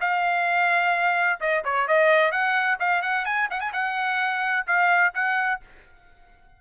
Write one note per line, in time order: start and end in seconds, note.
0.00 1.40 F5
1.40 1.63 D#5
1.64 1.87 C#5
1.87 2.31 D#5
2.31 2.78 F#5
2.79 3.02 F5
3.02 3.25 F#5
3.25 3.48 G#5
3.50 3.60 F#5
3.60 3.72 G#5
3.73 4.66 F#5
4.67 5.13 F5
5.14 5.61 F#5